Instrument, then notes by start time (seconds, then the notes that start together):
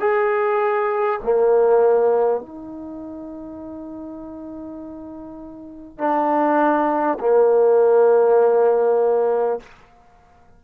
trombone
0.00 G#4
1.24 A#3
2.41 D#4
5.98 D4
7.20 A#3